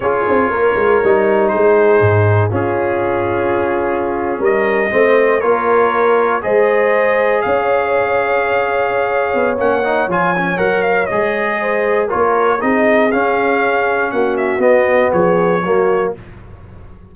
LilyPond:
<<
  \new Staff \with { instrumentName = "trumpet" } { \time 4/4 \tempo 4 = 119 cis''2. c''4~ | c''4 gis'2.~ | gis'8. dis''2 cis''4~ cis''16~ | cis''8. dis''2 f''4~ f''16~ |
f''2. fis''4 | gis''4 fis''8 f''8 dis''2 | cis''4 dis''4 f''2 | fis''8 e''8 dis''4 cis''2 | }
  \new Staff \with { instrumentName = "horn" } { \time 4/4 gis'4 ais'2 gis'4~ | gis'4 f'2.~ | f'8. ais'4 c''4 ais'4~ ais'16~ | ais'8. c''2 cis''4~ cis''16~ |
cis''1~ | cis''2. c''4 | ais'4 gis'2. | fis'2 gis'4 fis'4 | }
  \new Staff \with { instrumentName = "trombone" } { \time 4/4 f'2 dis'2~ | dis'4 cis'2.~ | cis'4.~ cis'16 c'4 f'4~ f'16~ | f'8. gis'2.~ gis'16~ |
gis'2. cis'8 dis'8 | f'8 cis'8 ais'4 gis'2 | f'4 dis'4 cis'2~ | cis'4 b2 ais4 | }
  \new Staff \with { instrumentName = "tuba" } { \time 4/4 cis'8 c'8 ais8 gis8 g4 gis4 | gis,4 cis'2.~ | cis'8. g4 a4 ais4~ ais16~ | ais8. gis2 cis'4~ cis'16~ |
cis'2~ cis'8 b8 ais4 | f4 fis4 gis2 | ais4 c'4 cis'2 | ais4 b4 f4 fis4 | }
>>